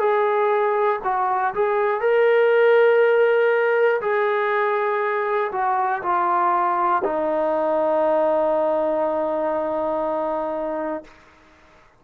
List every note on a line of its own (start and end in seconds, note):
0.00 1.00 G#4
1.05 1.55 F#4
1.55 2.01 G#4
2.01 4.01 A#4
4.01 5.51 G#4
5.53 6.03 F#4
6.03 7.03 F4
7.04 11.04 D#4